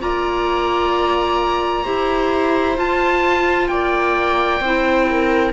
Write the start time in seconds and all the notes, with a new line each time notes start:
0.00 A#3 F4 D5 A#5
1.83 E4 G4 C5
2.76 F4 A5
3.68 A#3 D5 G5
4.60 C4 E4 C5
5.10 A#4